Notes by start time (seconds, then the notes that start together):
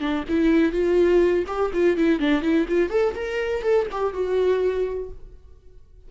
0.00 D4
0.29 E4
0.73 F4
1.48 G4
1.74 F4
1.98 E4
2.20 D4
2.42 E4
2.69 F4
2.90 A4
3.15 A#4
3.63 A4
3.92 G4
4.14 F#4